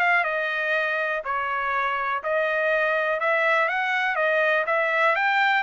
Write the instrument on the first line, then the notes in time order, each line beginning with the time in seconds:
trumpet
0.00 F5
0.24 D#5
1.25 C#5
2.23 D#5
3.20 E5
3.68 F#5
4.16 D#5
4.67 E5
5.16 G5